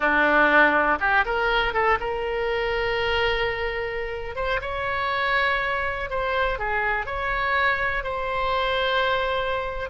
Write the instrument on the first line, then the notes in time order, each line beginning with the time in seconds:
oboe
0.00 D4
1.00 G4
1.25 A#4
1.73 A4
1.99 A#4
4.35 C5
4.61 C#5
6.10 C5
6.59 G#4
7.06 C#5
8.03 C5